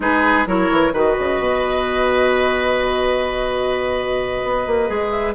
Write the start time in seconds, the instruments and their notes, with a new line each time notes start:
0.00 bassoon G#3, clarinet D#4, oboe G#4, flute B4
0.46 bassoon F#3, clarinet E4, oboe A#4, flute C#5
0.71 bassoon E3
0.92 bassoon D#3, clarinet F#4, oboe B4, flute D#5
1.18 bassoon C#3
1.39 bassoon B2
4.43 bassoon B3
4.66 bassoon A#3
4.87 bassoon G#3, clarinet G#4
5.11 flute E5